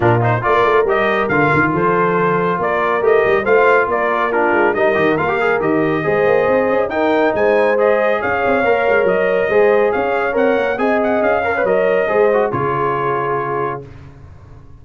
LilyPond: <<
  \new Staff \with { instrumentName = "trumpet" } { \time 4/4 \tempo 4 = 139 ais'8 c''8 d''4 dis''4 f''4 | c''2 d''4 dis''4 | f''4 d''4 ais'4 dis''4 | f''4 dis''2. |
g''4 gis''4 dis''4 f''4~ | f''4 dis''2 f''4 | fis''4 gis''8 fis''8 f''4 dis''4~ | dis''4 cis''2. | }
  \new Staff \with { instrumentName = "horn" } { \time 4/4 f'4 ais'2. | a'2 ais'2 | c''4 ais'4 f'4 ais'4~ | ais'2 c''2 |
ais'4 c''2 cis''4~ | cis''2 c''4 cis''4~ | cis''4 dis''4. cis''4. | c''4 gis'2. | }
  \new Staff \with { instrumentName = "trombone" } { \time 4/4 d'8 dis'8 f'4 g'4 f'4~ | f'2. g'4 | f'2 d'4 dis'8 g'8 | f'16 g'16 gis'8 g'4 gis'2 |
dis'2 gis'2 | ais'2 gis'2 | ais'4 gis'4. ais'16 b'16 ais'4 | gis'8 fis'8 f'2. | }
  \new Staff \with { instrumentName = "tuba" } { \time 4/4 ais,4 ais8 a8 g4 d8 dis8 | f2 ais4 a8 g8 | a4 ais4. gis8 g8 dis8 | ais4 dis4 gis8 ais8 c'8 cis'8 |
dis'4 gis2 cis'8 c'8 | ais8 gis8 fis4 gis4 cis'4 | c'8 ais8 c'4 cis'4 fis4 | gis4 cis2. | }
>>